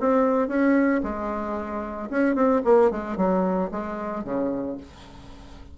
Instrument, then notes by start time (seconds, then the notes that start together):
bassoon
0.00 C4
0.48 C#4
1.03 G#3
2.10 C#4
2.35 C4
2.65 A#3
2.91 G#3
3.17 F#3
3.71 G#3
4.24 C#3